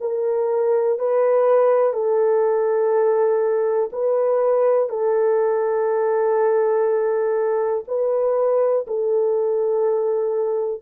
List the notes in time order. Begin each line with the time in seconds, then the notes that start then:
0.00 A#4
0.98 B4
1.93 A4
3.92 B4
4.89 A4
7.87 B4
8.87 A4